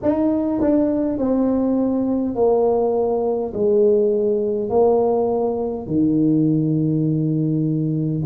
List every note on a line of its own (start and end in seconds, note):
0.02 0.60 D#4
0.60 1.18 D4
1.18 2.35 C4
2.35 3.52 A#3
3.53 4.70 G#3
4.70 5.87 A#3
5.87 8.22 D#3